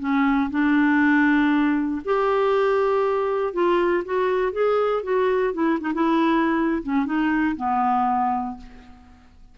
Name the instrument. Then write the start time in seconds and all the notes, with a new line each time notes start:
clarinet
0.00 C#4
0.50 D4
2.05 G4
3.54 F4
4.05 F#4
4.53 G#4
5.03 F#4
5.54 E4
5.81 D#4
5.94 E4
6.83 C#4
7.06 D#4
7.57 B3